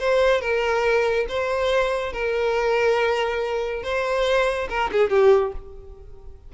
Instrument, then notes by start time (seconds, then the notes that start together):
violin
0.00 C5
0.42 A#4
1.29 C5
2.13 A#4
3.83 C5
4.70 A#4
4.92 G#4
5.10 G4